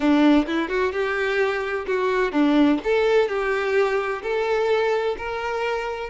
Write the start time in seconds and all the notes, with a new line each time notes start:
0.00 D4
0.46 E4
0.69 F#4
0.92 G4
1.86 F#4
2.32 D4
2.84 A4
3.28 G4
4.22 A4
5.17 A#4